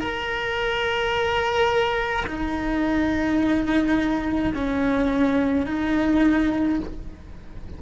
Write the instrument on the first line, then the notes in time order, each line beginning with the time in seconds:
cello
0.00 A#4
2.27 D#4
4.55 C#4
5.67 D#4